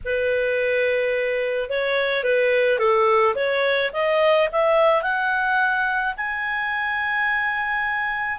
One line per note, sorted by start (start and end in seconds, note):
0.04 1.69 B4
1.69 2.23 C#5
2.23 2.78 B4
2.78 3.34 A4
3.35 3.91 C#5
3.93 4.49 D#5
4.51 5.02 E5
5.02 6.14 F#5
6.17 8.39 G#5